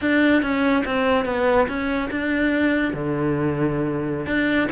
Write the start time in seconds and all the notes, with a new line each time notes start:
0.01 D4
0.42 C#4
0.85 C4
1.25 B3
1.68 C#4
2.10 D4
2.93 D3
4.26 D4